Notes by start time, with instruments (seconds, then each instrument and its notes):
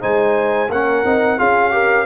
0.00 tuba G#3, trombone D#4, horn C5, trumpet G#5
0.68 tuba A#3, trombone C#4, horn A#4, trumpet F#5
1.04 tuba C4, trombone D#4
1.38 tuba C#4, trombone F4, horn G#4, trumpet F5
1.71 trombone G4, horn A#4